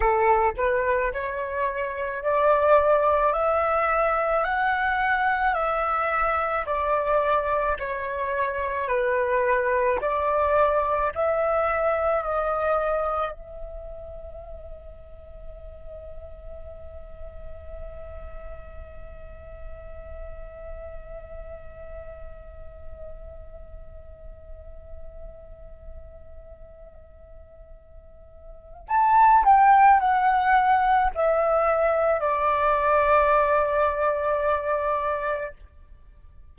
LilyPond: \new Staff \with { instrumentName = "flute" } { \time 4/4 \tempo 4 = 54 a'8 b'8 cis''4 d''4 e''4 | fis''4 e''4 d''4 cis''4 | b'4 d''4 e''4 dis''4 | e''1~ |
e''1~ | e''1~ | e''2 a''8 g''8 fis''4 | e''4 d''2. | }